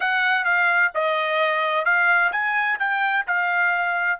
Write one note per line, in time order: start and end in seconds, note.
0.00 0.45 F#5
0.45 0.91 F5
0.94 1.85 D#5
1.85 2.31 F5
2.32 2.78 G#5
2.79 3.25 G5
3.26 4.19 F5